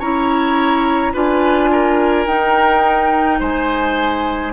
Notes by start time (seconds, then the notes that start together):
0.00 C#4 E4 C#5 A#5
1.14 D4 F4 B4 G#5
1.72 A#4
2.27 D#4 G5
3.40 G#3 C5 G#5